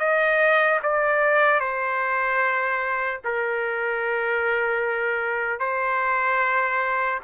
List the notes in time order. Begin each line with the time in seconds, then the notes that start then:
0.00 D#5
0.83 D5
1.60 C5
3.25 A#4
5.60 C5